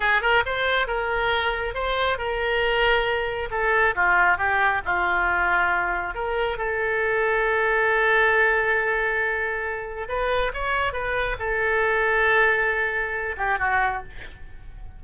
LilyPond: \new Staff \with { instrumentName = "oboe" } { \time 4/4 \tempo 4 = 137 gis'8 ais'8 c''4 ais'2 | c''4 ais'2. | a'4 f'4 g'4 f'4~ | f'2 ais'4 a'4~ |
a'1~ | a'2. b'4 | cis''4 b'4 a'2~ | a'2~ a'8 g'8 fis'4 | }